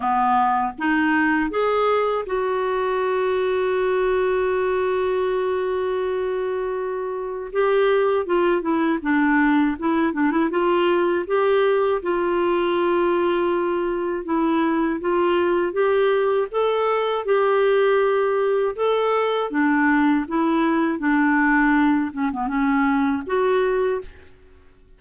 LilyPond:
\new Staff \with { instrumentName = "clarinet" } { \time 4/4 \tempo 4 = 80 b4 dis'4 gis'4 fis'4~ | fis'1~ | fis'2 g'4 f'8 e'8 | d'4 e'8 d'16 e'16 f'4 g'4 |
f'2. e'4 | f'4 g'4 a'4 g'4~ | g'4 a'4 d'4 e'4 | d'4. cis'16 b16 cis'4 fis'4 | }